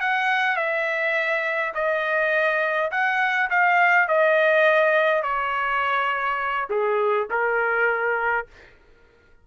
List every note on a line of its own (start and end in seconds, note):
0.00 0.56 F#5
0.56 1.72 E5
1.74 2.90 D#5
2.91 3.49 F#5
3.50 4.08 F5
4.08 5.22 D#5
5.22 6.68 C#5
6.69 7.28 G#4
7.30 8.47 A#4